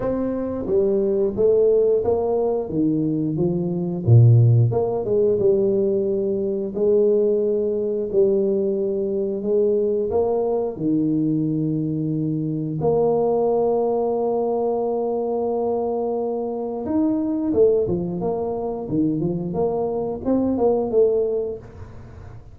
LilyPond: \new Staff \with { instrumentName = "tuba" } { \time 4/4 \tempo 4 = 89 c'4 g4 a4 ais4 | dis4 f4 ais,4 ais8 gis8 | g2 gis2 | g2 gis4 ais4 |
dis2. ais4~ | ais1~ | ais4 dis'4 a8 f8 ais4 | dis8 f8 ais4 c'8 ais8 a4 | }